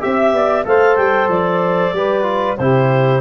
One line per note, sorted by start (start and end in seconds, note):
0.00 0.33 C4
0.00 0.65 G4
0.00 0.32 E5
0.00 0.66 E5
0.33 0.65 B3
0.33 0.66 D5
0.65 0.97 A3
0.65 1.94 A4
0.65 1.96 C5
0.65 0.96 F5
0.96 1.29 G3
0.96 1.28 G5
1.29 1.93 F3
1.29 2.57 D5
1.93 2.58 G3
1.93 2.24 G4
1.93 2.59 B4
2.24 2.56 F4
2.57 3.21 C3
2.57 3.21 E4
2.57 3.21 G4
2.57 3.21 C5